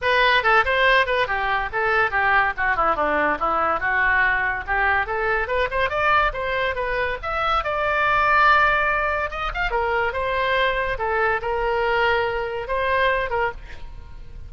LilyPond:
\new Staff \with { instrumentName = "oboe" } { \time 4/4 \tempo 4 = 142 b'4 a'8 c''4 b'8 g'4 | a'4 g'4 fis'8 e'8 d'4 | e'4 fis'2 g'4 | a'4 b'8 c''8 d''4 c''4 |
b'4 e''4 d''2~ | d''2 dis''8 f''8 ais'4 | c''2 a'4 ais'4~ | ais'2 c''4. ais'8 | }